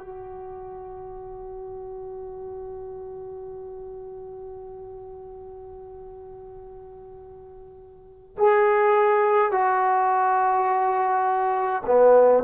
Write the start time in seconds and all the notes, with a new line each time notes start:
0.00 F#4
8.39 G#4
9.52 F#4
11.86 B3